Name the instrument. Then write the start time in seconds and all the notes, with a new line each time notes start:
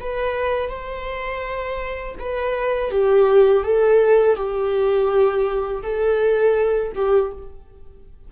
viola
0.00 B4
0.69 C5
2.19 B4
2.91 G4
3.64 A4
4.36 G4
5.83 A4
6.95 G4